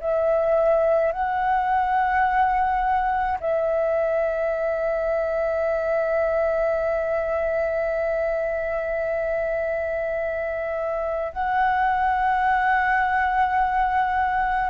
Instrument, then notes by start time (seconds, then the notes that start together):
flute
0.00 E5
1.12 F#5
3.40 E5
11.33 F#5